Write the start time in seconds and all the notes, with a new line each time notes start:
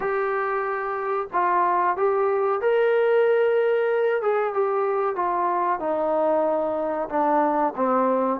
0.00 G4
1.32 F4
1.96 G4
2.61 A#4
4.22 G#4
4.53 G4
5.15 F4
5.79 D#4
7.09 D4
7.75 C4